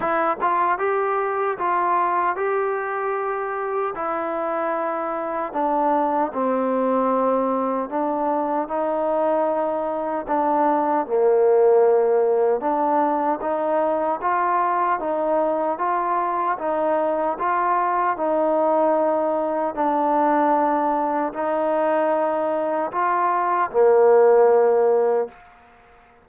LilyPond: \new Staff \with { instrumentName = "trombone" } { \time 4/4 \tempo 4 = 76 e'8 f'8 g'4 f'4 g'4~ | g'4 e'2 d'4 | c'2 d'4 dis'4~ | dis'4 d'4 ais2 |
d'4 dis'4 f'4 dis'4 | f'4 dis'4 f'4 dis'4~ | dis'4 d'2 dis'4~ | dis'4 f'4 ais2 | }